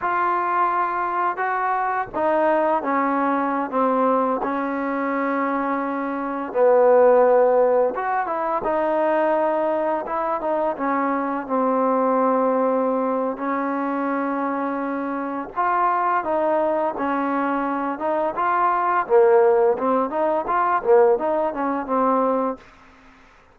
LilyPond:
\new Staff \with { instrumentName = "trombone" } { \time 4/4 \tempo 4 = 85 f'2 fis'4 dis'4 | cis'4~ cis'16 c'4 cis'4.~ cis'16~ | cis'4~ cis'16 b2 fis'8 e'16~ | e'16 dis'2 e'8 dis'8 cis'8.~ |
cis'16 c'2~ c'8. cis'4~ | cis'2 f'4 dis'4 | cis'4. dis'8 f'4 ais4 | c'8 dis'8 f'8 ais8 dis'8 cis'8 c'4 | }